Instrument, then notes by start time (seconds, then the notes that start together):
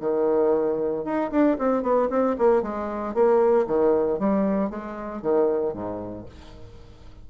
bassoon
0.00 D#3
1.04 D#4
1.31 D4
1.58 C4
1.82 B3
2.09 C4
2.38 A#3
2.62 G#3
3.14 A#3
3.66 D#3
4.19 G3
4.70 G#3
5.22 D#3
5.73 G#2